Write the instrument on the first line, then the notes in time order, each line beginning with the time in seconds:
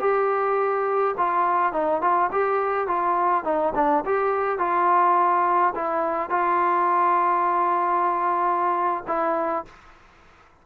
trombone
0.00 G4
1.18 F4
1.73 D#4
2.02 F4
2.32 G4
2.88 F4
3.45 D#4
3.76 D4
4.05 G4
4.59 F4
5.75 E4
6.30 F4
9.08 E4